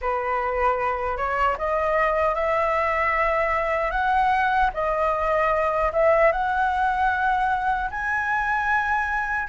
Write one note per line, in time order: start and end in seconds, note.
0.01 1.17 B4
1.17 1.56 C#5
1.58 2.35 D#5
2.35 3.91 E5
3.91 4.70 F#5
4.73 5.92 D#5
5.92 6.32 E5
6.32 7.89 F#5
7.90 9.48 G#5